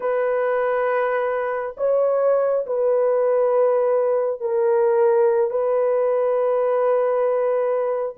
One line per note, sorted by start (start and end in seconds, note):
0.00 1.75 B4
1.77 2.65 C#5
2.66 4.40 B4
4.40 5.50 A#4
5.50 8.15 B4